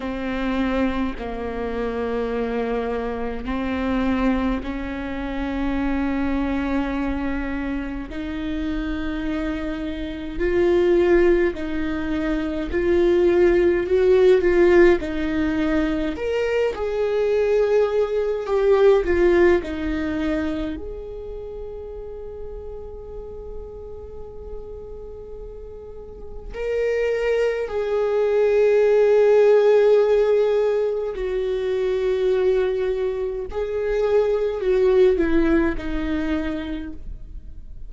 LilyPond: \new Staff \with { instrumentName = "viola" } { \time 4/4 \tempo 4 = 52 c'4 ais2 c'4 | cis'2. dis'4~ | dis'4 f'4 dis'4 f'4 | fis'8 f'8 dis'4 ais'8 gis'4. |
g'8 f'8 dis'4 gis'2~ | gis'2. ais'4 | gis'2. fis'4~ | fis'4 gis'4 fis'8 e'8 dis'4 | }